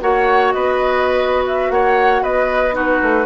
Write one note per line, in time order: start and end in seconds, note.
0.00 0.53 A#3
0.00 2.72 F#4
0.00 0.54 C#5
0.00 0.51 F#5
0.51 1.69 B3
0.51 1.71 B4
0.51 1.43 D#5
1.47 1.70 E5
1.69 2.22 A#3
1.69 2.22 C#5
1.69 2.23 F#5
2.22 3.00 B3
2.22 2.74 B4
2.22 2.75 D#5
2.72 3.24 D#4
2.72 3.26 F#4
2.72 3.26 B4
3.02 3.26 A3